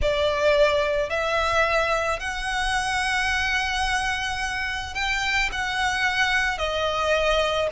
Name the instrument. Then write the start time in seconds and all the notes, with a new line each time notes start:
violin
0.02 D5
1.09 E5
2.19 F#5
4.94 G5
5.52 F#5
6.58 D#5